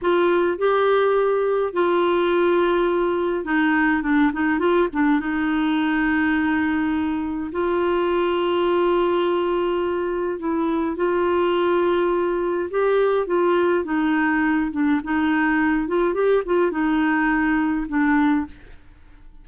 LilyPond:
\new Staff \with { instrumentName = "clarinet" } { \time 4/4 \tempo 4 = 104 f'4 g'2 f'4~ | f'2 dis'4 d'8 dis'8 | f'8 d'8 dis'2.~ | dis'4 f'2.~ |
f'2 e'4 f'4~ | f'2 g'4 f'4 | dis'4. d'8 dis'4. f'8 | g'8 f'8 dis'2 d'4 | }